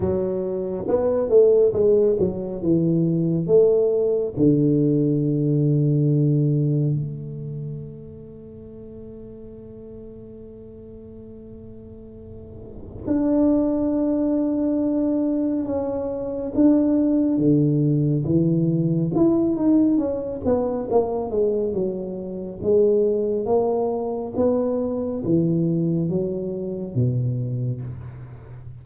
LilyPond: \new Staff \with { instrumentName = "tuba" } { \time 4/4 \tempo 4 = 69 fis4 b8 a8 gis8 fis8 e4 | a4 d2. | a1~ | a2. d'4~ |
d'2 cis'4 d'4 | d4 e4 e'8 dis'8 cis'8 b8 | ais8 gis8 fis4 gis4 ais4 | b4 e4 fis4 b,4 | }